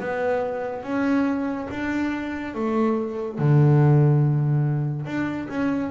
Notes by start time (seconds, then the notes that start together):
0.00 B3
0.84 C#4
1.71 D4
2.55 A3
3.39 D3
5.06 D4
5.49 C#4